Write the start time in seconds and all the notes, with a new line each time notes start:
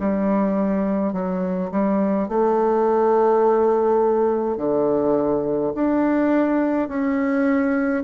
0.00 G3
1.13 F#3
1.72 G3
2.29 A3
4.58 D3
5.75 D4
6.89 C#4